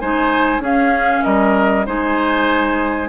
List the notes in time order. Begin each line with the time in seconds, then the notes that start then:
0.00 G#3 D#4 C5 G#5
0.59 C#4 G#4 F5
1.24 G3 A#4 D#5
1.86 G#3 D#4 C5 G#5